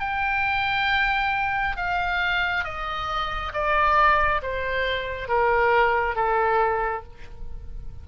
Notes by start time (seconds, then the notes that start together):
0.00 G5
1.77 F5
2.64 D#5
3.53 D5
4.42 C5
5.29 A#4
6.15 A4